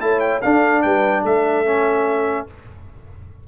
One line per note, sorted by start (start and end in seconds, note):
0.00 0.42 A3
0.00 0.41 E4
0.00 0.43 C#5
0.00 0.20 A5
0.20 0.40 G5
0.41 1.65 D4
0.41 0.85 D4
0.41 0.83 A4
0.41 0.82 F5
0.82 1.23 G3
0.82 1.22 B4
0.82 1.22 G5
1.22 2.46 A3
1.22 2.45 A4
1.22 2.47 E5
1.65 2.46 C#4